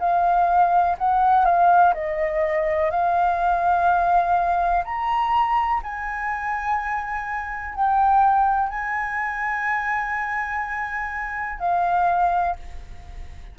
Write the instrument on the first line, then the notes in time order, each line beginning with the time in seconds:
flute
0.00 F5
0.98 F#5
1.45 F5
1.94 D#5
2.90 F5
4.84 A#5
5.83 G#5
7.75 G5
8.69 G#5
11.59 F5